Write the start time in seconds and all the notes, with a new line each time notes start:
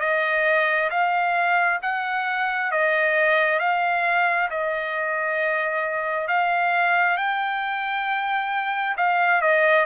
0.00 D#5
0.90 F5
1.82 F#5
2.71 D#5
3.59 F5
4.50 D#5
6.28 F5
7.16 G5
8.97 F5
9.41 D#5